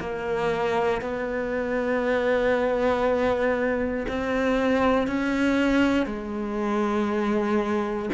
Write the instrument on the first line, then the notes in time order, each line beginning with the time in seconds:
cello
0.00 A#3
1.01 B3
4.08 C4
5.07 C#4
6.06 G#3